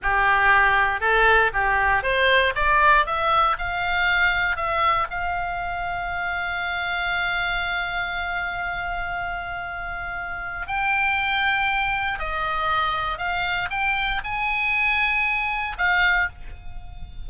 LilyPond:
\new Staff \with { instrumentName = "oboe" } { \time 4/4 \tempo 4 = 118 g'2 a'4 g'4 | c''4 d''4 e''4 f''4~ | f''4 e''4 f''2~ | f''1~ |
f''1~ | f''4 g''2. | dis''2 f''4 g''4 | gis''2. f''4 | }